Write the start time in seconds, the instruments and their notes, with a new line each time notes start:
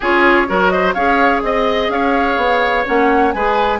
0.00 bassoon C#4, clarinet F4, oboe G#4, flute C#5
0.47 bassoon F#3, clarinet F#4, oboe A#4
0.68 oboe C5, flute D#5
0.93 bassoon C#4, clarinet G#4, oboe C#5, flute F5
1.42 bassoon C4, flute D#5, oboe D#5
1.89 bassoon C#4, oboe C#5, flute F5
2.37 bassoon B3
2.85 bassoon A#3, clarinet C#4, flute F#5
3.32 bassoon G#3, clarinet G#4, oboe B4, flute G#5